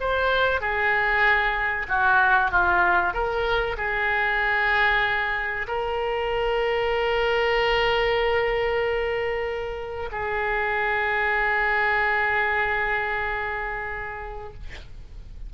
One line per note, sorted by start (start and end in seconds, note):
0.00 0.61 C5
0.61 1.87 G#4
1.89 2.51 F#4
2.51 3.13 F4
3.13 3.77 A#4
3.77 5.67 G#4
5.68 10.10 A#4
10.11 14.53 G#4